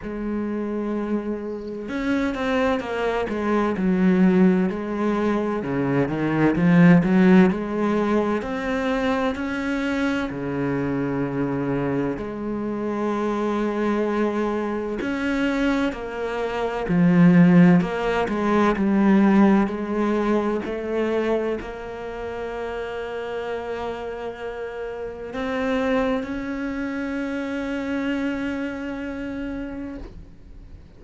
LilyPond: \new Staff \with { instrumentName = "cello" } { \time 4/4 \tempo 4 = 64 gis2 cis'8 c'8 ais8 gis8 | fis4 gis4 cis8 dis8 f8 fis8 | gis4 c'4 cis'4 cis4~ | cis4 gis2. |
cis'4 ais4 f4 ais8 gis8 | g4 gis4 a4 ais4~ | ais2. c'4 | cis'1 | }